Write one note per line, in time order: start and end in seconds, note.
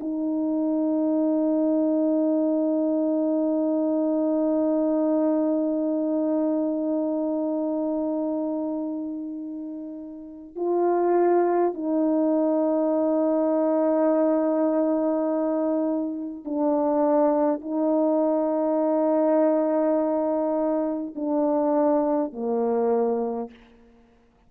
0.00 10.56 D#4
10.56 11.73 F4
11.73 16.44 D#4
16.44 17.61 D4
17.61 21.14 D#4
21.15 22.32 D4
22.32 23.50 A#3